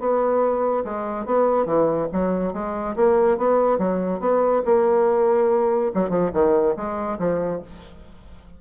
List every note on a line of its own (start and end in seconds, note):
0.00 0.85 B3
0.85 1.26 G#3
1.26 1.66 B3
1.66 2.08 E3
2.13 2.54 F#3
2.54 2.96 G#3
2.97 3.38 A#3
3.38 3.79 B3
3.79 4.21 F#3
4.21 4.63 B3
4.65 5.92 A#3
5.95 6.10 F#3
6.10 6.31 F3
6.34 6.76 D#3
6.77 7.19 G#3
7.19 7.62 F3